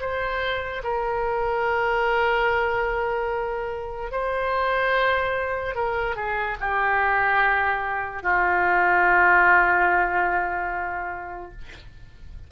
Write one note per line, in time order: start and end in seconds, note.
0.00 0.82 C5
0.83 4.11 A#4
4.11 5.75 C5
5.75 6.16 A#4
6.16 6.57 G#4
6.60 8.23 G4
8.23 11.51 F4